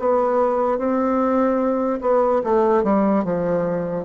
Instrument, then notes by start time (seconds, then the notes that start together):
bassoon
0.00 B3
0.79 C4
2.01 B3
2.44 A3
2.84 G3
3.25 F3